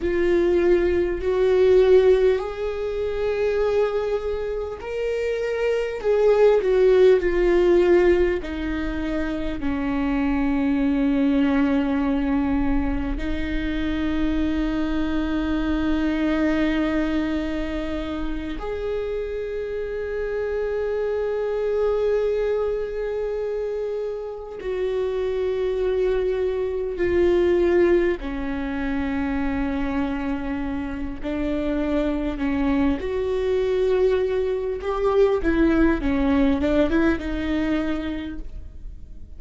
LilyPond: \new Staff \with { instrumentName = "viola" } { \time 4/4 \tempo 4 = 50 f'4 fis'4 gis'2 | ais'4 gis'8 fis'8 f'4 dis'4 | cis'2. dis'4~ | dis'2.~ dis'8 gis'8~ |
gis'1~ | gis'8 fis'2 f'4 cis'8~ | cis'2 d'4 cis'8 fis'8~ | fis'4 g'8 e'8 cis'8 d'16 e'16 dis'4 | }